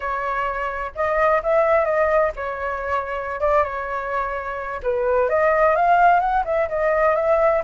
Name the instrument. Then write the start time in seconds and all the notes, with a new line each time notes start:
flute
0.00 C#5
0.95 D#5
1.42 E5
1.84 D#5
2.36 C#5
3.40 D5
3.63 C#5
4.82 B4
5.29 D#5
5.75 F5
6.20 F#5
6.45 E5
6.68 D#5
7.15 E5